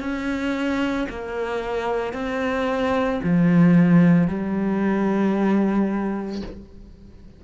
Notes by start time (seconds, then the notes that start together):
0.00 C#4
1.09 A#3
2.13 C4
3.23 F3
4.28 G3